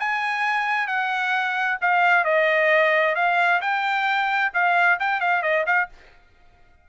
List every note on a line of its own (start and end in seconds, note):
0.00 0.88 G#5
0.88 1.79 F#5
1.82 2.25 F5
2.25 3.16 D#5
3.16 3.61 F5
3.62 4.52 G5
4.54 5.00 F5
5.00 5.21 G5
5.21 5.43 F5
5.43 5.65 D#5
5.67 5.89 F5